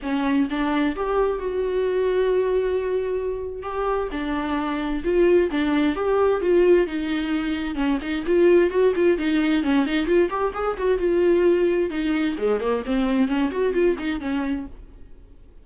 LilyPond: \new Staff \with { instrumentName = "viola" } { \time 4/4 \tempo 4 = 131 cis'4 d'4 g'4 fis'4~ | fis'1 | g'4 d'2 f'4 | d'4 g'4 f'4 dis'4~ |
dis'4 cis'8 dis'8 f'4 fis'8 f'8 | dis'4 cis'8 dis'8 f'8 g'8 gis'8 fis'8 | f'2 dis'4 gis8 ais8 | c'4 cis'8 fis'8 f'8 dis'8 cis'4 | }